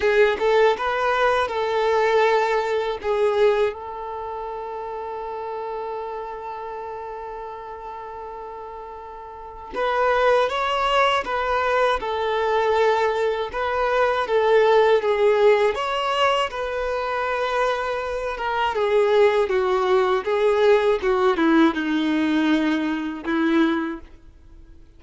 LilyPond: \new Staff \with { instrumentName = "violin" } { \time 4/4 \tempo 4 = 80 gis'8 a'8 b'4 a'2 | gis'4 a'2.~ | a'1~ | a'4 b'4 cis''4 b'4 |
a'2 b'4 a'4 | gis'4 cis''4 b'2~ | b'8 ais'8 gis'4 fis'4 gis'4 | fis'8 e'8 dis'2 e'4 | }